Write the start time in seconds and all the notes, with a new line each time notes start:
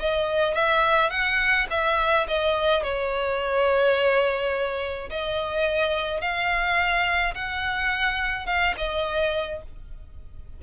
0.00 D#5
0.55 E5
1.11 F#5
1.71 E5
2.28 D#5
2.84 C#5
5.10 D#5
6.21 F5
7.35 F#5
8.47 F5
8.78 D#5